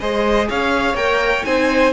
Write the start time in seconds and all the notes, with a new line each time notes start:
0.00 G#3 G#4 C5 D#5
0.49 C#4 C#5 F5
0.94 A#3 A#4 G5
1.44 C4 D#4 C5 G#5